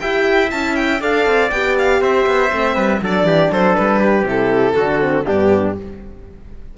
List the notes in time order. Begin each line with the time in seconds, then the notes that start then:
0.00 E4 G4 E5 G5
0.51 C#4 E4 A5
0.76 G5
1.00 D4 A4 D5 F5
1.26 C4
1.51 B3 G4 G5
1.79 F5
2.01 C4 C5 E5
2.27 B3
2.51 A3 C4
2.75 G3 B4
3.02 F#3 D4 A4 D5
3.24 E3 G4
3.51 F#3 A4 C5
3.76 G3 B4
3.99 G4
4.24 C3 E4 A4
4.75 D3 D4 F#4
5.00 C4
5.25 G2 B3 D4 G4